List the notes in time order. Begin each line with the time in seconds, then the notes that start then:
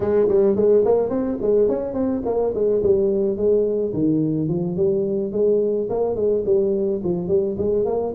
0.00 G#3
0.28 G3
0.56 G#3
0.84 A#3
1.09 C4
1.41 G#3
1.68 C#4
1.93 C4
2.25 A#3
2.54 G#3
2.82 G3
3.36 G#3
3.93 D#3
4.48 F3
4.76 G3
5.32 G#3
5.89 A#3
6.15 G#3
6.45 G3
7.03 F3
7.28 G3
7.58 G#3
7.85 A#3